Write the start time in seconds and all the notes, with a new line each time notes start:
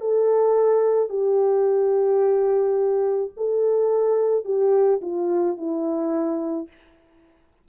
0.00 A4
1.09 G4
3.36 A4
4.44 G4
5.01 F4
5.57 E4